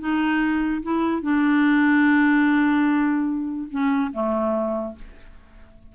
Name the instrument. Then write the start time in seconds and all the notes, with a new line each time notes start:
clarinet
0.00 D#4
0.83 E4
1.22 D4
3.71 C#4
4.13 A3